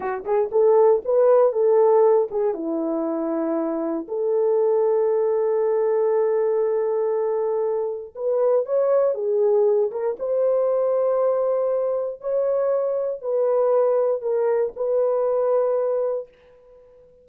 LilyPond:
\new Staff \with { instrumentName = "horn" } { \time 4/4 \tempo 4 = 118 fis'8 gis'8 a'4 b'4 a'4~ | a'8 gis'8 e'2. | a'1~ | a'1 |
b'4 cis''4 gis'4. ais'8 | c''1 | cis''2 b'2 | ais'4 b'2. | }